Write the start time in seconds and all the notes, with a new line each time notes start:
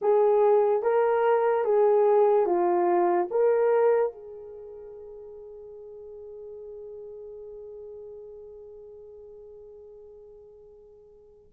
0.01 G#4
0.82 A#4
1.64 G#4
2.45 F4
3.31 A#4
4.12 G#4